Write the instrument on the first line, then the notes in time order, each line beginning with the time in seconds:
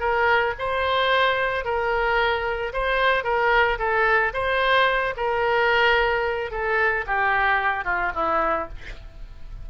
oboe
0.00 A#4
0.59 C5
1.65 A#4
2.73 C5
3.24 A#4
3.79 A4
4.33 C5
5.17 A#4
6.51 A4
7.07 G4
7.85 F4
8.15 E4